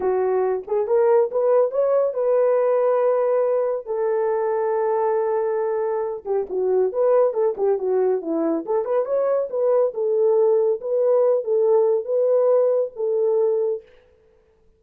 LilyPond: \new Staff \with { instrumentName = "horn" } { \time 4/4 \tempo 4 = 139 fis'4. gis'8 ais'4 b'4 | cis''4 b'2.~ | b'4 a'2.~ | a'2~ a'8 g'8 fis'4 |
b'4 a'8 g'8 fis'4 e'4 | a'8 b'8 cis''4 b'4 a'4~ | a'4 b'4. a'4. | b'2 a'2 | }